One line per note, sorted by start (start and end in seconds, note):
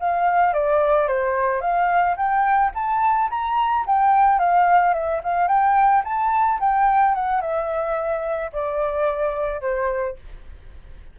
0.00 0.54 F5
0.54 1.08 D5
1.08 1.61 C5
1.61 2.16 F5
2.16 2.71 G5
2.75 3.30 A5
3.30 3.85 A#5
3.86 4.39 G5
4.39 4.94 F5
4.94 5.21 E5
5.23 5.48 F5
5.48 6.03 G5
6.04 6.59 A5
6.60 7.14 G5
7.14 7.41 F#5
7.41 8.51 E5
8.52 9.61 D5
9.61 10.16 C5